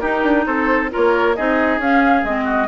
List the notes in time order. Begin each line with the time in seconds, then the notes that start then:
0.00 D#4 G4 A#4
0.23 D4
0.46 C4 A4 C5
0.91 A#3 F4 A#4 C#5
1.35 C4 D#4 G#4 D#5
1.78 C#4 F5
2.24 G#3 C4 D#5
2.44 F#4